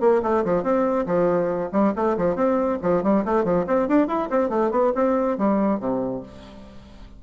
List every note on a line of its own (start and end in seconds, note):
0.00 0.21 A#3
0.22 0.44 A3
0.44 0.62 F3
0.62 1.05 C4
1.06 1.70 F3
1.72 1.93 G3
1.95 2.17 A3
2.17 2.35 F3
2.35 2.78 C4
2.82 3.03 F3
3.03 3.24 G3
3.25 3.44 A3
3.44 3.65 F3
3.67 3.88 C4
3.88 4.07 D4
4.07 4.29 E4
4.30 4.49 C4
4.49 4.70 A3
4.71 4.92 B3
4.95 5.37 C4
5.37 5.80 G3
5.80 6.22 C3